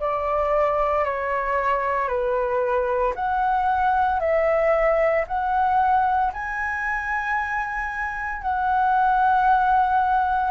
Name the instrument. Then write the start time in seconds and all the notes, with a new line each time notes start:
flute
0.00 D5
1.05 C#5
2.09 B4
3.16 F#5
4.21 E5
5.28 F#5
6.33 G#5
8.42 F#5